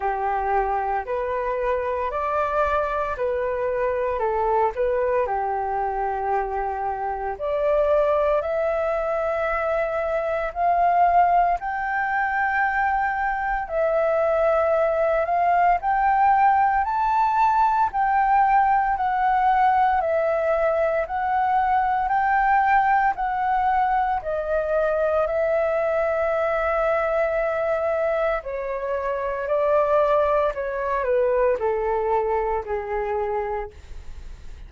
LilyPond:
\new Staff \with { instrumentName = "flute" } { \time 4/4 \tempo 4 = 57 g'4 b'4 d''4 b'4 | a'8 b'8 g'2 d''4 | e''2 f''4 g''4~ | g''4 e''4. f''8 g''4 |
a''4 g''4 fis''4 e''4 | fis''4 g''4 fis''4 dis''4 | e''2. cis''4 | d''4 cis''8 b'8 a'4 gis'4 | }